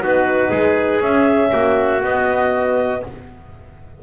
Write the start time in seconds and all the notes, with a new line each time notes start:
0.00 B3 D#4 F#4 B4
0.50 G#3 G#4
1.01 C#4 E5
1.52 A#3 F#4
2.02 B3 D#5